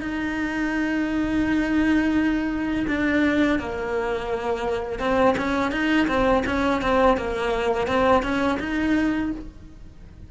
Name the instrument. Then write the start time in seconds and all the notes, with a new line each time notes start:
cello
0.00 D#4
2.87 D4
3.59 A#3
4.99 C4
5.37 C#4
5.71 D#4
6.07 C4
6.46 C#4
6.81 C4
7.17 A#3
7.87 C4
8.23 C#4
8.59 D#4